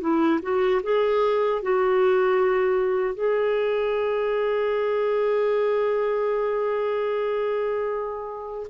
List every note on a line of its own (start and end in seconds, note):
0.00 0.39 E4
0.42 0.81 F#4
0.83 1.62 G#4
1.62 3.14 F#4
3.14 8.67 G#4